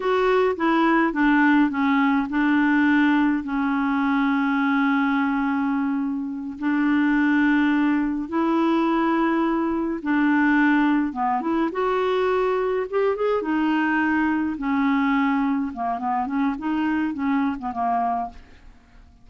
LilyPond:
\new Staff \with { instrumentName = "clarinet" } { \time 4/4 \tempo 4 = 105 fis'4 e'4 d'4 cis'4 | d'2 cis'2~ | cis'2.~ cis'8 d'8~ | d'2~ d'8 e'4.~ |
e'4. d'2 b8 | e'8 fis'2 g'8 gis'8 dis'8~ | dis'4. cis'2 ais8 | b8 cis'8 dis'4 cis'8. b16 ais4 | }